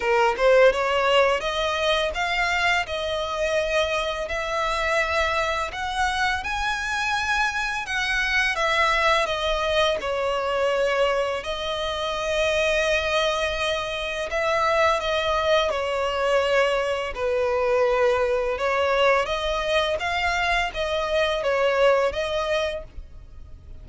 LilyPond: \new Staff \with { instrumentName = "violin" } { \time 4/4 \tempo 4 = 84 ais'8 c''8 cis''4 dis''4 f''4 | dis''2 e''2 | fis''4 gis''2 fis''4 | e''4 dis''4 cis''2 |
dis''1 | e''4 dis''4 cis''2 | b'2 cis''4 dis''4 | f''4 dis''4 cis''4 dis''4 | }